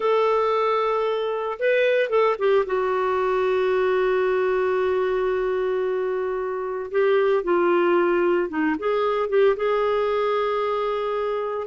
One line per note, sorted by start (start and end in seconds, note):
0.00 1.58 A4
1.59 2.09 B4
2.09 2.36 A4
2.38 2.65 G4
2.65 6.90 F#4
6.91 7.43 G4
7.43 8.49 F4
8.49 8.75 D#4
8.78 9.29 G#4
9.29 9.56 G4
9.56 11.67 G#4